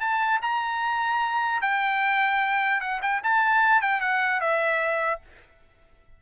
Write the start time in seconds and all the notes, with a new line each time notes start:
0.00 A5
0.42 A#5
1.61 G5
2.80 F#5
3.02 G5
3.23 A5
3.81 G5
4.00 F#5
4.40 E5